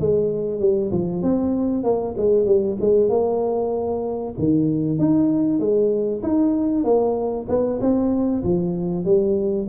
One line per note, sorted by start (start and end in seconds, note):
0.00 0.60 G#3
0.60 0.91 G3
0.92 1.23 F3
1.23 1.84 C4
1.84 2.15 A#3
2.17 2.46 G#3
2.46 2.77 G3
2.81 3.09 G#3
3.09 4.34 A#3
4.39 4.99 D#3
4.99 5.60 D#4
5.60 6.22 G#3
6.23 6.84 D#4
6.84 7.47 A#3
7.49 7.80 B3
7.81 8.43 C4
8.44 9.05 F3
9.05 9.67 G3